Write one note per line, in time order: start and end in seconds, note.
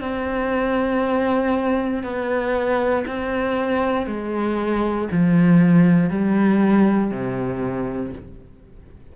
0.00 2.03 C4
2.03 3.05 B3
3.07 4.06 C4
4.06 5.08 G#3
5.11 6.10 F3
6.10 7.11 G3
7.11 8.13 C3